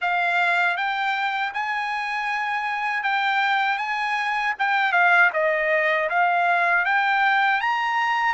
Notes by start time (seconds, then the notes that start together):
0.01 F5
0.76 G5
1.53 G#5
3.03 G5
3.78 G#5
4.58 G5
4.92 F5
5.33 D#5
6.09 F5
6.85 G5
7.60 A#5